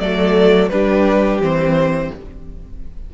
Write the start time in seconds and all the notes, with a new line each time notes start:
0.00 F#3 A3 A4 D5
0.69 G3 D4 G4 B4
1.40 E3 C4 C5